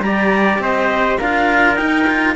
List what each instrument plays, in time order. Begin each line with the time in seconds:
0.00 cello G3 G4, trumpet D5, clarinet A#5
0.58 cello C4, trumpet C5, clarinet D#5
1.18 cello D4 F4, trumpet A#4, clarinet F5
1.75 cello D#4, clarinet G5
1.81 cello D#4
2.07 cello F4